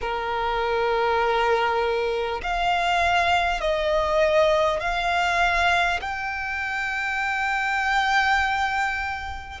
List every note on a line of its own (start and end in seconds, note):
0.01 2.41 A#4
2.43 3.60 F5
3.60 4.79 D#5
4.79 5.99 F5
6.01 9.60 G5